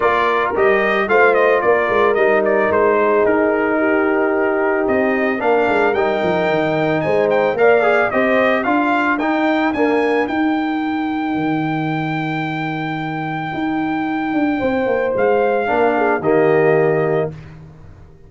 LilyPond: <<
  \new Staff \with { instrumentName = "trumpet" } { \time 4/4 \tempo 4 = 111 d''4 dis''4 f''8 dis''8 d''4 | dis''8 d''8 c''4 ais'2~ | ais'4 dis''4 f''4 g''4~ | g''4 gis''8 g''8 f''4 dis''4 |
f''4 g''4 gis''4 g''4~ | g''1~ | g''1 | f''2 dis''2 | }
  \new Staff \with { instrumentName = "horn" } { \time 4/4 ais'2 c''4 ais'4~ | ais'4. gis'4. g'4~ | g'2 ais'2~ | ais'4 c''4 d''4 c''4 |
ais'1~ | ais'1~ | ais'2. c''4~ | c''4 ais'8 gis'8 g'2 | }
  \new Staff \with { instrumentName = "trombone" } { \time 4/4 f'4 g'4 f'2 | dis'1~ | dis'2 d'4 dis'4~ | dis'2 ais'8 gis'8 g'4 |
f'4 dis'4 ais4 dis'4~ | dis'1~ | dis'1~ | dis'4 d'4 ais2 | }
  \new Staff \with { instrumentName = "tuba" } { \time 4/4 ais4 g4 a4 ais8 gis8 | g4 gis4 dis'2~ | dis'4 c'4 ais8 gis8 g8 f8 | dis4 gis4 ais4 c'4 |
d'4 dis'4 d'4 dis'4~ | dis'4 dis2.~ | dis4 dis'4. d'8 c'8 ais8 | gis4 ais4 dis2 | }
>>